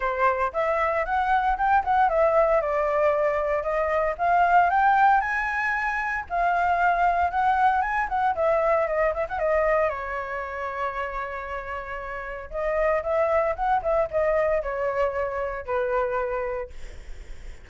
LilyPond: \new Staff \with { instrumentName = "flute" } { \time 4/4 \tempo 4 = 115 c''4 e''4 fis''4 g''8 fis''8 | e''4 d''2 dis''4 | f''4 g''4 gis''2 | f''2 fis''4 gis''8 fis''8 |
e''4 dis''8 e''16 fis''16 dis''4 cis''4~ | cis''1 | dis''4 e''4 fis''8 e''8 dis''4 | cis''2 b'2 | }